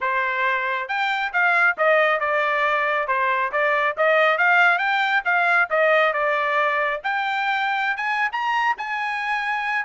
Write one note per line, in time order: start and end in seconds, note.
0.00 0.88 C5
0.88 1.32 G5
1.32 1.76 F5
1.77 2.20 D#5
2.20 3.07 D5
3.07 3.51 C5
3.52 3.96 D5
3.97 4.38 D#5
4.38 4.78 F5
4.78 5.22 G5
5.25 5.68 F5
5.70 6.13 D#5
6.13 7.00 D5
7.03 7.96 G5
7.96 8.29 G#5
8.32 8.76 A#5
8.77 9.85 G#5